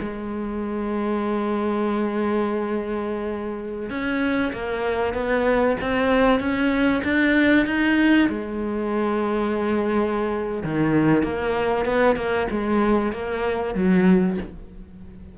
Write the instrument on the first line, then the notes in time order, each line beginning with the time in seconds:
cello
0.00 G#3
3.89 C#4
4.53 A#3
5.14 B3
5.81 C4
6.40 C#4
7.04 D4
7.66 D#4
8.29 G#3
10.64 D#3
11.23 A#3
11.85 B3
12.16 A#3
12.50 G#3
13.12 A#3
13.75 F#3